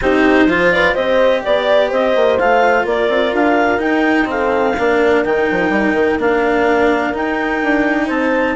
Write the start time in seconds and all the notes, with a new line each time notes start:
0.01 C4 D#4 G4 C5
0.45 F3 F4 C5
0.71 B4 D5
0.93 C4 G4 C5 D#5
1.42 B3 D5
1.88 C4 C5 D#5
2.15 A#3
2.38 A3 F4 F5
2.84 A#3 A#4 D5
3.08 C4
3.33 D4 F5
3.78 D#4 G5
4.25 C4 A4 F5
4.78 A#3 D4 A#4
5.24 D#3 D#4 G5
5.50 F3
5.69 G3
5.93 D#3
6.17 A#3 D4 F5
7.13 D#4 G5
7.62 D4
8.05 C4 C5 A5